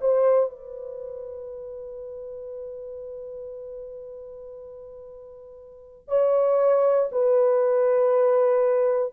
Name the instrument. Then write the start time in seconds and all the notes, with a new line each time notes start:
horn
0.00 C5
0.49 B4
6.07 C#5
7.11 B4